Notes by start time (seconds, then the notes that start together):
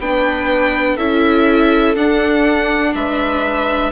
0.00 B3 D4 B4 G5
0.95 C#4 E4 A4 E5
1.96 D4 F#5
2.95 G#3 B4 E5